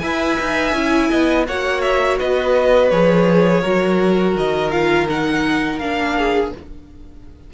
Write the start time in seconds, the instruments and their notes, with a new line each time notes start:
0.00 cello E4, viola B4, violin E5 G#5
0.41 cello D#4
0.73 cello C#4, viola E4
1.11 cello B3, violin D#5
1.48 cello A#3, viola F#4, violin C#5 F#5
1.81 violin E5
2.20 cello B3, violin B4 D#5
2.90 cello F3, viola G#4, violin C#5
3.62 cello F#3, viola F#4, violin A#4
4.36 cello D#3, violin D#5
4.72 viola F4, violin F5
5.09 viola D#4, violin F#5
5.79 cello A#3, viola D4, violin F5
6.17 violin G#4